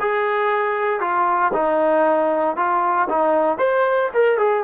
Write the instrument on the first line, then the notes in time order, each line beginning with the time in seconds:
trombone
0.00 G#4
1.00 F4
1.53 D#4
2.56 F4
3.09 D#4
3.57 C5
4.13 A#4
4.38 G#4